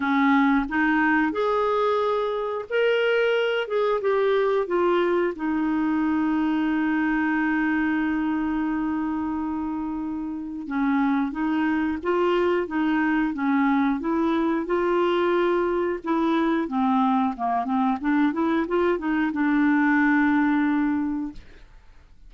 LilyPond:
\new Staff \with { instrumentName = "clarinet" } { \time 4/4 \tempo 4 = 90 cis'4 dis'4 gis'2 | ais'4. gis'8 g'4 f'4 | dis'1~ | dis'1 |
cis'4 dis'4 f'4 dis'4 | cis'4 e'4 f'2 | e'4 c'4 ais8 c'8 d'8 e'8 | f'8 dis'8 d'2. | }